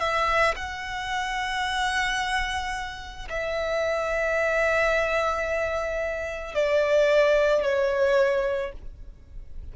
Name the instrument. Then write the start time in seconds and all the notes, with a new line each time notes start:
violin
0.00 E5
0.56 F#5
3.29 E5
6.55 D5
7.63 C#5